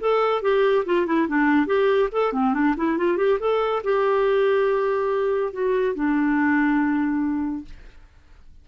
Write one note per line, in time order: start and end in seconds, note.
0.00 0.42 A4
0.42 0.85 G4
0.85 1.06 F4
1.06 1.28 E4
1.28 1.66 D4
1.66 2.09 G4
2.12 2.33 A4
2.33 2.53 C4
2.53 2.75 D4
2.77 2.97 E4
2.97 3.17 F4
3.17 3.38 G4
3.40 3.82 A4
3.83 5.53 G4
5.53 5.95 F#4
5.95 7.65 D4